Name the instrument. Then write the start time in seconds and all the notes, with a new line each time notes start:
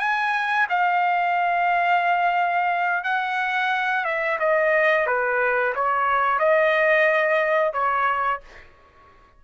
trumpet
0.00 G#5
0.70 F5
3.04 F#5
4.05 E5
4.40 D#5
5.07 B4
5.75 C#5
6.39 D#5
7.73 C#5